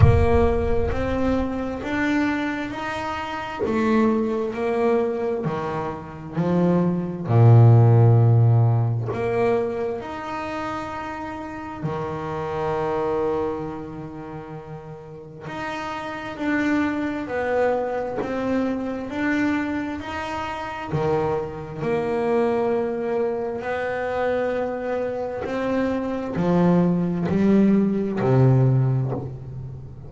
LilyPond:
\new Staff \with { instrumentName = "double bass" } { \time 4/4 \tempo 4 = 66 ais4 c'4 d'4 dis'4 | a4 ais4 dis4 f4 | ais,2 ais4 dis'4~ | dis'4 dis2.~ |
dis4 dis'4 d'4 b4 | c'4 d'4 dis'4 dis4 | ais2 b2 | c'4 f4 g4 c4 | }